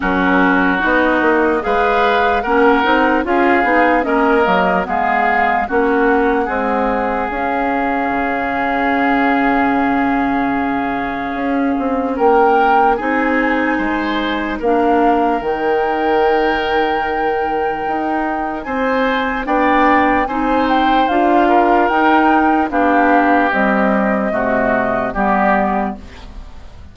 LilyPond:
<<
  \new Staff \with { instrumentName = "flute" } { \time 4/4 \tempo 4 = 74 ais'4 dis''4 f''4 fis''4 | f''4 dis''4 f''4 fis''4~ | fis''4 f''2.~ | f''2. g''4 |
gis''2 f''4 g''4~ | g''2. gis''4 | g''4 gis''8 g''8 f''4 g''4 | f''4 dis''2 d''4 | }
  \new Staff \with { instrumentName = "oboe" } { \time 4/4 fis'2 b'4 ais'4 | gis'4 ais'4 gis'4 fis'4 | gis'1~ | gis'2. ais'4 |
gis'4 c''4 ais'2~ | ais'2. c''4 | d''4 c''4. ais'4. | g'2 fis'4 g'4 | }
  \new Staff \with { instrumentName = "clarinet" } { \time 4/4 cis'4 dis'4 gis'4 cis'8 dis'8 | f'8 dis'8 cis'8 ais8 b4 cis'4 | gis4 cis'2.~ | cis'1 |
dis'2 d'4 dis'4~ | dis'1 | d'4 dis'4 f'4 dis'4 | d'4 g4 a4 b4 | }
  \new Staff \with { instrumentName = "bassoon" } { \time 4/4 fis4 b8 ais8 gis4 ais8 c'8 | cis'8 b8 ais8 fis8 gis4 ais4 | c'4 cis'4 cis2~ | cis2 cis'8 c'8 ais4 |
c'4 gis4 ais4 dis4~ | dis2 dis'4 c'4 | b4 c'4 d'4 dis'4 | b4 c'4 c4 g4 | }
>>